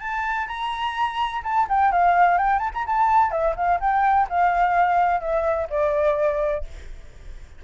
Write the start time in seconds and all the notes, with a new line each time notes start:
0.00 A5
0.48 A#5
1.43 A5
1.69 G5
1.92 F5
2.38 G5
2.59 A5
2.74 A#5
2.86 A5
3.31 E5
3.56 F5
3.80 G5
4.29 F5
5.21 E5
5.70 D5